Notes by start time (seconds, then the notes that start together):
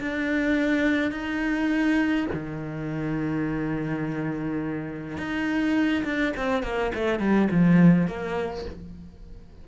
0.00 D4
1.11 D#4
2.33 D#3
5.17 D#4
6.04 D4
6.36 C4
6.63 A#3
6.95 A3
7.19 G3
7.51 F3
8.07 A#3